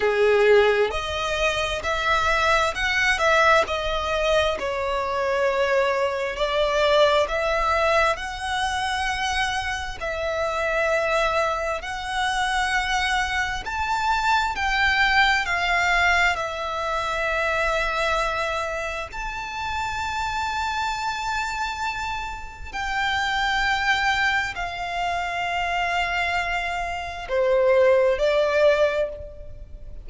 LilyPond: \new Staff \with { instrumentName = "violin" } { \time 4/4 \tempo 4 = 66 gis'4 dis''4 e''4 fis''8 e''8 | dis''4 cis''2 d''4 | e''4 fis''2 e''4~ | e''4 fis''2 a''4 |
g''4 f''4 e''2~ | e''4 a''2.~ | a''4 g''2 f''4~ | f''2 c''4 d''4 | }